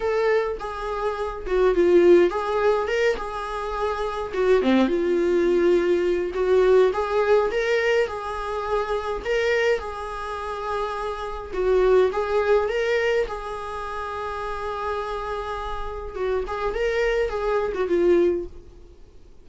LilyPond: \new Staff \with { instrumentName = "viola" } { \time 4/4 \tempo 4 = 104 a'4 gis'4. fis'8 f'4 | gis'4 ais'8 gis'2 fis'8 | c'8 f'2~ f'8 fis'4 | gis'4 ais'4 gis'2 |
ais'4 gis'2. | fis'4 gis'4 ais'4 gis'4~ | gis'1 | fis'8 gis'8 ais'4 gis'8. fis'16 f'4 | }